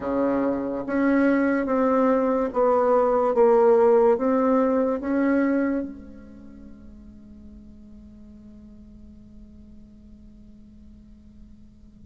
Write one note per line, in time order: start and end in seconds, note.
0.00 0.83 C#3
0.86 1.66 C#4
1.66 2.49 C4
2.53 3.34 B3
3.34 4.17 A#3
4.17 5.00 C4
5.00 5.83 C#4
5.83 12.06 G#3